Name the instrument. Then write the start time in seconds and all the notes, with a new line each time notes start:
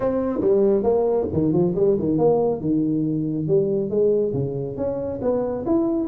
tuba
0.00 C4
0.40 G3
0.83 A#3
1.32 D#3
1.52 F3
1.75 G3
1.98 D#3
2.17 A#3
2.61 D#3
3.47 G3
3.89 G#3
4.33 C#3
4.76 C#4
5.21 B3
5.66 E4